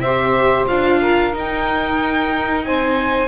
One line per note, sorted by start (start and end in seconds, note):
0.00 0.66 C4
0.00 0.68 G4
0.00 1.00 C5
0.00 0.66 E5
0.67 1.34 D4
0.67 1.33 F4
0.67 1.33 F5
1.00 2.65 A#4
1.33 3.28 D#4
1.33 2.66 D#4
1.33 2.65 G5
2.65 3.28 C4
2.65 3.28 C5
2.65 3.28 G#5